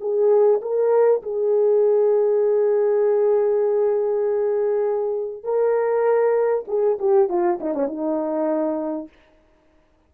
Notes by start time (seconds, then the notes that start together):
0.00 G#4
0.61 A#4
1.22 G#4
5.43 A#4
6.67 G#4
6.99 G4
7.28 F4
7.60 D#4
7.74 C#4
7.87 D#4